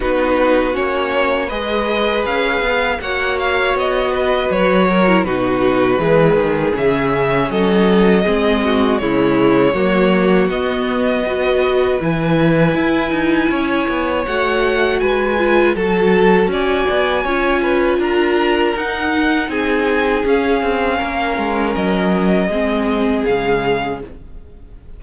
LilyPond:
<<
  \new Staff \with { instrumentName = "violin" } { \time 4/4 \tempo 4 = 80 b'4 cis''4 dis''4 f''4 | fis''8 f''8 dis''4 cis''4 b'4~ | b'4 e''4 dis''2 | cis''2 dis''2 |
gis''2. fis''4 | gis''4 a''4 gis''2 | ais''4 fis''4 gis''4 f''4~ | f''4 dis''2 f''4 | }
  \new Staff \with { instrumentName = "violin" } { \time 4/4 fis'2 b'2 | cis''4. b'4 ais'8 fis'4 | gis'2 a'4 gis'8 fis'8 | e'4 fis'2 b'4~ |
b'2 cis''2 | b'4 a'4 d''4 cis''8 b'8 | ais'2 gis'2 | ais'2 gis'2 | }
  \new Staff \with { instrumentName = "viola" } { \time 4/4 dis'4 cis'4 gis'2 | fis'2~ fis'8. e'16 dis'4 | gis4 cis'2 c'4 | gis4 ais4 b4 fis'4 |
e'2. fis'4~ | fis'8 f'8 fis'2 f'4~ | f'4 dis'2 cis'4~ | cis'2 c'4 gis4 | }
  \new Staff \with { instrumentName = "cello" } { \time 4/4 b4 ais4 gis4 cis'8 b8 | ais4 b4 fis4 b,4 | e8 dis8 cis4 fis4 gis4 | cis4 fis4 b2 |
e4 e'8 dis'8 cis'8 b8 a4 | gis4 fis4 cis'8 b8 cis'4 | d'4 dis'4 c'4 cis'8 c'8 | ais8 gis8 fis4 gis4 cis4 | }
>>